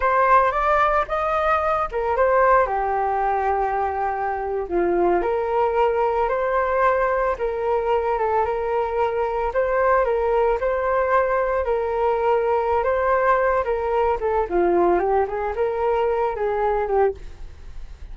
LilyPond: \new Staff \with { instrumentName = "flute" } { \time 4/4 \tempo 4 = 112 c''4 d''4 dis''4. ais'8 | c''4 g'2.~ | g'8. f'4 ais'2 c''16~ | c''4.~ c''16 ais'4. a'8 ais'16~ |
ais'4.~ ais'16 c''4 ais'4 c''16~ | c''4.~ c''16 ais'2~ ais'16 | c''4. ais'4 a'8 f'4 | g'8 gis'8 ais'4. gis'4 g'8 | }